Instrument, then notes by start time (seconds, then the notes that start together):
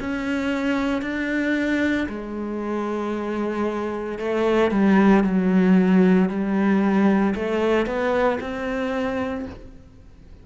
cello
0.00 C#4
1.02 D4
2.09 G#3
4.19 A3
4.71 G3
5.24 F#3
6.29 G3
7.35 A3
7.86 B3
8.41 C4